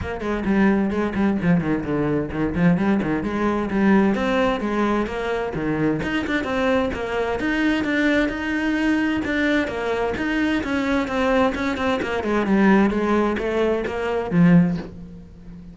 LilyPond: \new Staff \with { instrumentName = "cello" } { \time 4/4 \tempo 4 = 130 ais8 gis8 g4 gis8 g8 f8 dis8 | d4 dis8 f8 g8 dis8 gis4 | g4 c'4 gis4 ais4 | dis4 dis'8 d'8 c'4 ais4 |
dis'4 d'4 dis'2 | d'4 ais4 dis'4 cis'4 | c'4 cis'8 c'8 ais8 gis8 g4 | gis4 a4 ais4 f4 | }